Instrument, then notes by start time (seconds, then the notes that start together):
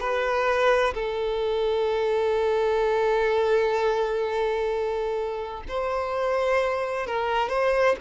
violin
0.00 B4
0.94 A4
5.68 C5
7.07 A#4
7.49 C5